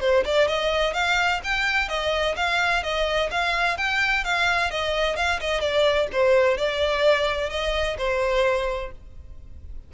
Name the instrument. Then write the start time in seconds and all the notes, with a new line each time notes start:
violin
0.00 C5
0.25 D5
0.48 D#5
0.93 F5
1.43 G5
1.88 D#5
2.36 F5
2.83 D#5
3.30 F5
3.77 G5
4.24 F5
4.70 D#5
5.16 F5
5.40 D#5
5.60 D5
6.12 C5
6.57 D5
7.50 D#5
7.98 C5